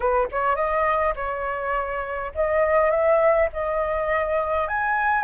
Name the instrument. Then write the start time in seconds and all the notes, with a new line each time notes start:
flute
0.00 B4
0.31 C#5
0.55 D#5
1.15 C#5
2.34 D#5
2.90 E5
3.52 D#5
4.68 G#5